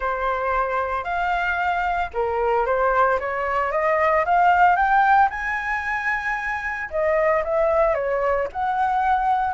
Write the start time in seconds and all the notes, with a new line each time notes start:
0.00 C5
1.04 F5
2.13 A#4
2.65 C5
3.19 C#5
3.71 D#5
4.25 F5
4.75 G5
5.30 G#5
6.90 D#5
7.43 E5
7.94 C#5
8.52 F#5